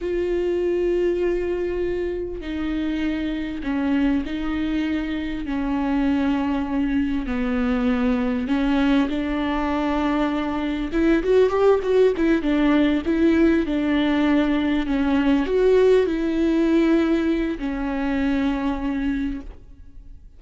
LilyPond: \new Staff \with { instrumentName = "viola" } { \time 4/4 \tempo 4 = 99 f'1 | dis'2 cis'4 dis'4~ | dis'4 cis'2. | b2 cis'4 d'4~ |
d'2 e'8 fis'8 g'8 fis'8 | e'8 d'4 e'4 d'4.~ | d'8 cis'4 fis'4 e'4.~ | e'4 cis'2. | }